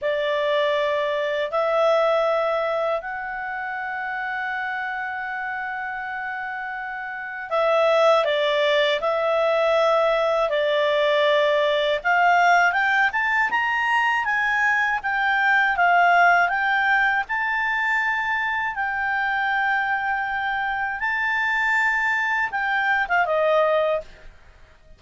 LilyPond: \new Staff \with { instrumentName = "clarinet" } { \time 4/4 \tempo 4 = 80 d''2 e''2 | fis''1~ | fis''2 e''4 d''4 | e''2 d''2 |
f''4 g''8 a''8 ais''4 gis''4 | g''4 f''4 g''4 a''4~ | a''4 g''2. | a''2 g''8. f''16 dis''4 | }